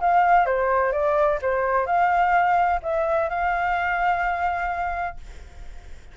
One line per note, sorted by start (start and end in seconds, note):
0.00 0.45 F5
0.45 0.92 C5
0.92 1.39 D5
1.41 1.86 C5
1.86 2.80 F5
2.82 3.29 E5
3.29 5.16 F5